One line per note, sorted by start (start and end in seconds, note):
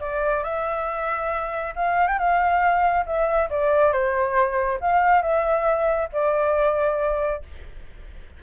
0.00 0.43 D5
0.44 1.74 E5
1.75 2.08 F5
2.08 2.18 G5
2.18 3.05 F5
3.06 3.49 E5
3.50 3.92 D5
3.92 4.79 C5
4.81 5.22 F5
5.22 6.09 E5
6.12 7.43 D5